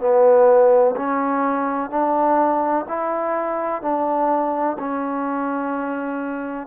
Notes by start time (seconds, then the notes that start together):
0.00 B3
0.97 C#4
1.90 D4
2.89 E4
3.82 D4
4.79 C#4